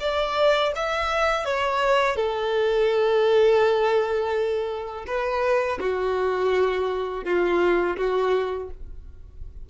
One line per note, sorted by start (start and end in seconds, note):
0.00 0.72 D5
0.76 1.45 E5
1.45 2.16 C#5
2.16 5.05 A4
5.06 5.79 B4
5.80 7.24 F#4
7.25 7.97 F4
7.97 8.69 F#4